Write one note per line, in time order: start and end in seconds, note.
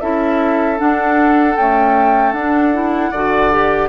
0.00 0.80 C#4
0.00 0.77 E4
0.00 3.10 A4
0.00 0.78 E5
0.77 1.55 D4
0.77 1.56 D4
0.77 1.56 F#5
1.56 2.35 A3
1.56 2.32 C#4
1.56 2.32 G5
2.32 3.10 D4
2.32 2.73 D4
2.32 3.88 F#5
2.73 3.12 E4
3.10 3.89 D3
3.10 3.51 F#4
3.10 3.88 D5
3.51 3.89 G4